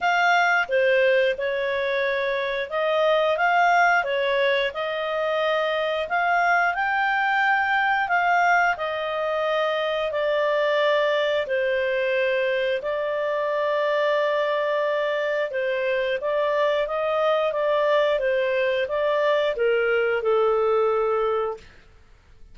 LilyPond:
\new Staff \with { instrumentName = "clarinet" } { \time 4/4 \tempo 4 = 89 f''4 c''4 cis''2 | dis''4 f''4 cis''4 dis''4~ | dis''4 f''4 g''2 | f''4 dis''2 d''4~ |
d''4 c''2 d''4~ | d''2. c''4 | d''4 dis''4 d''4 c''4 | d''4 ais'4 a'2 | }